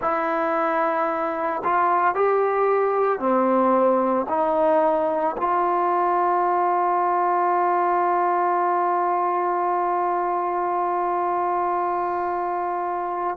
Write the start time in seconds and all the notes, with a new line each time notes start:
0.01 E4
1.64 F4
2.14 G4
3.19 C4
4.29 D#4
5.37 F4